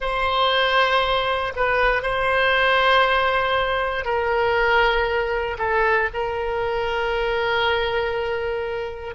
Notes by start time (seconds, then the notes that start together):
0.00 C5
1.56 B4
2.02 C5
4.04 A#4
5.58 A4
6.13 A#4